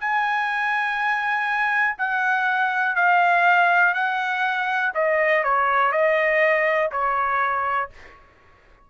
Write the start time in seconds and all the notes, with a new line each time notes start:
0.00 G#5
1.99 F#5
2.96 F5
3.94 F#5
4.94 D#5
5.44 C#5
5.92 D#5
6.92 C#5